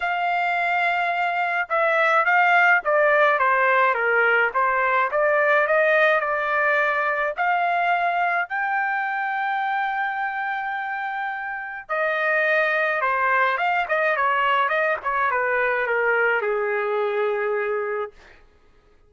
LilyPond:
\new Staff \with { instrumentName = "trumpet" } { \time 4/4 \tempo 4 = 106 f''2. e''4 | f''4 d''4 c''4 ais'4 | c''4 d''4 dis''4 d''4~ | d''4 f''2 g''4~ |
g''1~ | g''4 dis''2 c''4 | f''8 dis''8 cis''4 dis''8 cis''8 b'4 | ais'4 gis'2. | }